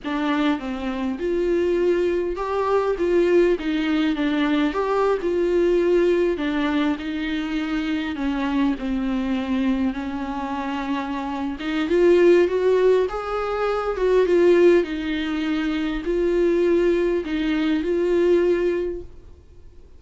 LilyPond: \new Staff \with { instrumentName = "viola" } { \time 4/4 \tempo 4 = 101 d'4 c'4 f'2 | g'4 f'4 dis'4 d'4 | g'8. f'2 d'4 dis'16~ | dis'4.~ dis'16 cis'4 c'4~ c'16~ |
c'8. cis'2~ cis'8. dis'8 | f'4 fis'4 gis'4. fis'8 | f'4 dis'2 f'4~ | f'4 dis'4 f'2 | }